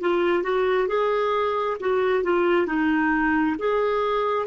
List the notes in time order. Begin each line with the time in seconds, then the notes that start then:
0.00 F4
0.43 F#4
0.88 G#4
1.80 F#4
2.23 F4
2.66 D#4
3.58 G#4